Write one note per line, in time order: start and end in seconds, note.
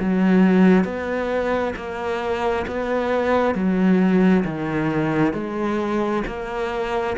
0.00 0.85 F#3
0.85 1.74 B3
1.76 2.65 A#3
2.67 3.55 B3
3.55 4.44 F#3
4.45 5.33 D#3
5.33 6.23 G#3
6.27 7.16 A#3